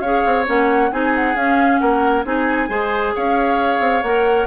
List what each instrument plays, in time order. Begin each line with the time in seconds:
0.00 bassoon C#4, clarinet G#4, oboe C#5, flute F5
0.26 bassoon C4
0.45 bassoon A#3, clarinet C#4, flute F#5
0.91 bassoon C4, clarinet D#4, oboe G#4, flute G#5
1.15 flute F#5
1.35 bassoon C#4, clarinet C#4, flute F5
1.79 bassoon A#3, oboe A#4, flute F#5
2.24 bassoon C4, clarinet D#4, oboe G#4, flute G#5
2.69 bassoon G#3, clarinet G#4, oboe C5
3.15 bassoon C#4, oboe C#5, flute F5
3.80 bassoon C4
4.03 bassoon A#3, clarinet A#4, flute F#5